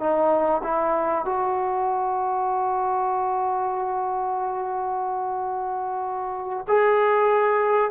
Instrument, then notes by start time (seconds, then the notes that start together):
trombone
0.00 D#4
0.64 E4
1.25 F#4
6.68 G#4